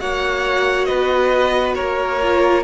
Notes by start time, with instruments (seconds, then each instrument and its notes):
0.00 cello A#3, viola F#4, violin C#5 F#5
0.85 cello B3, violin B4 D#5
1.76 cello A#3, violin A#4 C#5
2.22 viola F4